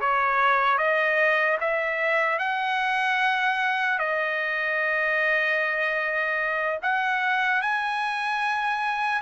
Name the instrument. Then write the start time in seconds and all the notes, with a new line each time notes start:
trumpet
0.00 C#5
0.78 D#5
1.60 E5
2.38 F#5
3.99 D#5
6.82 F#5
7.61 G#5